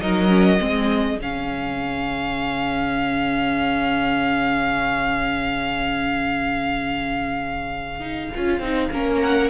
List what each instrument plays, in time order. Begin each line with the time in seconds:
0.00 cello F#3, viola D#4, violin A#4 D#5
0.29 viola C#4
0.59 cello G#3, viola C4, violin G#4
1.17 cello C#3, viola C#4, violin F5
8.00 viola D#4
8.35 cello C#4, viola F4
8.60 cello C4, viola D#4
8.91 cello A#3, viola C#4, violin A#4
9.21 violin F#5